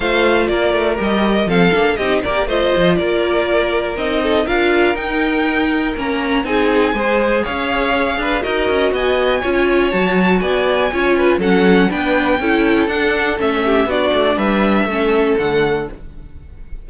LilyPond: <<
  \new Staff \with { instrumentName = "violin" } { \time 4/4 \tempo 4 = 121 f''4 d''4 dis''4 f''4 | dis''8 d''8 dis''4 d''2 | dis''4 f''4 g''2 | ais''4 gis''2 f''4~ |
f''4 dis''4 gis''2 | a''4 gis''2 fis''4 | g''2 fis''4 e''4 | d''4 e''2 fis''4 | }
  \new Staff \with { instrumentName = "violin" } { \time 4/4 c''4 ais'2 a'4 | g'8 ais'8 c''4 ais'2~ | ais'8 a'8 ais'2.~ | ais'4 gis'4 c''4 cis''4~ |
cis''8 b'8 ais'4 dis''4 cis''4~ | cis''4 d''4 cis''8 b'8 a'4 | b'4 a'2~ a'8 g'8 | fis'4 b'4 a'2 | }
  \new Staff \with { instrumentName = "viola" } { \time 4/4 f'2 g'4 c'8 d'8 | dis'8 g'8 f'2. | dis'4 f'4 dis'2 | cis'4 dis'4 gis'2~ |
gis'4 fis'2 f'4 | fis'2 f'4 cis'4 | d'4 e'4 d'4 cis'4 | d'2 cis'4 a4 | }
  \new Staff \with { instrumentName = "cello" } { \time 4/4 a4 ais8 a8 g4 f8 ais8 | c'8 ais8 a8 f8 ais2 | c'4 d'4 dis'2 | ais4 c'4 gis4 cis'4~ |
cis'8 d'8 dis'8 cis'8 b4 cis'4 | fis4 b4 cis'4 fis4 | b4 cis'4 d'4 a4 | b8 a8 g4 a4 d4 | }
>>